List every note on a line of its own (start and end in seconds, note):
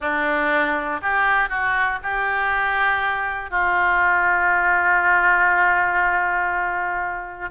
0.00 1.00 D4
1.02 1.49 G4
1.49 1.99 F#4
2.02 3.50 G4
3.50 7.50 F4